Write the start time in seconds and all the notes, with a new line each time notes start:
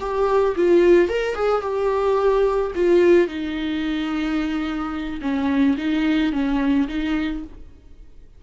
0.00 G4
0.56 F4
1.09 A#4
1.35 G#4
1.61 G4
2.75 F4
3.28 D#4
5.21 C#4
5.78 D#4
6.33 C#4
6.88 D#4